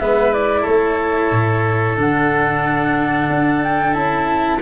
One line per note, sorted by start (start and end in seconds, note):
0.00 0.66 G#3
0.00 0.32 B3
0.00 0.62 B4
0.00 0.33 E5
0.32 1.97 E4
0.32 0.65 D5
0.62 1.31 A3
0.62 4.57 A4
0.62 1.97 C#5
1.31 1.97 A2
1.97 3.30 D3
1.97 3.92 D4
1.97 3.63 F#5
3.30 3.95 D4
3.63 3.93 G5
3.92 4.61 C#4
3.92 4.58 E4
3.92 4.59 A5